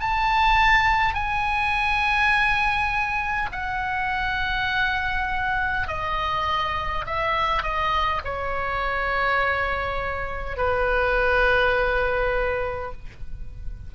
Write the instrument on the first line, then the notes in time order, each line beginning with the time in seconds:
oboe
0.00 A5
1.14 G#5
3.52 F#5
5.88 D#5
7.06 E5
7.63 D#5
8.24 C#5
10.57 B4